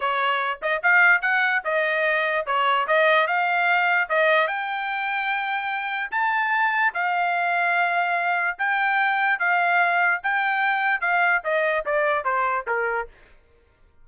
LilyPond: \new Staff \with { instrumentName = "trumpet" } { \time 4/4 \tempo 4 = 147 cis''4. dis''8 f''4 fis''4 | dis''2 cis''4 dis''4 | f''2 dis''4 g''4~ | g''2. a''4~ |
a''4 f''2.~ | f''4 g''2 f''4~ | f''4 g''2 f''4 | dis''4 d''4 c''4 ais'4 | }